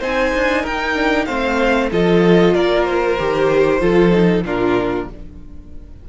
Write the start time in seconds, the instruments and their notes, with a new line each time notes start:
0.00 cello C4, viola D#4, violin C5 G#5
0.35 cello D4
0.62 cello D#4, violin A#4 G5
0.95 viola D4
1.26 cello A3, viola C4, violin C5 F5
1.92 cello F3, viola F4, violin A4 D#5
2.54 cello A#3, violin A#4 D5
2.85 violin C5
3.18 cello D#3, viola G4
3.80 cello F3, viola F4, violin A4
4.12 viola D#4
4.43 cello A#2, viola D4, violin F4 A#4